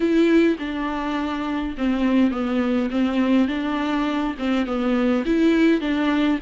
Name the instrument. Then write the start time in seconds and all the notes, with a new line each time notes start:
viola
0.00 E4
0.59 D4
1.77 C4
2.31 B3
2.90 C4
3.48 D4
4.38 C4
4.65 B3
5.25 E4
5.80 D4